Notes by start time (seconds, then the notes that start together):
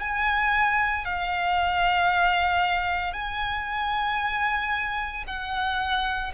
0.00 G#5
1.05 F5
3.13 G#5
5.27 F#5